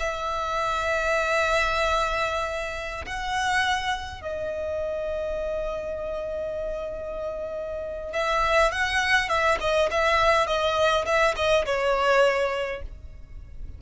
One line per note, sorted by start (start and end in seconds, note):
0.00 3.06 E5
3.06 4.22 F#5
4.22 8.14 D#5
8.14 8.72 E5
8.72 9.29 F#5
9.29 9.59 E5
9.61 9.90 D#5
9.91 10.47 E5
10.47 11.06 D#5
11.06 11.35 E5
11.36 11.66 D#5
11.66 12.83 C#5